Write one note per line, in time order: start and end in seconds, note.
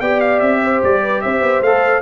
0.00 0.41 B3
0.00 1.64 G4
0.00 0.61 D5
0.00 0.20 G5
0.20 0.39 F5
0.39 0.82 C4
0.39 0.80 E5
0.62 1.02 C5
0.82 1.23 G3
0.82 1.21 D5
1.02 1.23 B4
1.21 1.41 C4
1.21 2.02 C5
1.21 1.62 E5
1.41 1.61 B3
1.61 2.02 A3
1.61 2.02 A4
1.61 2.02 F5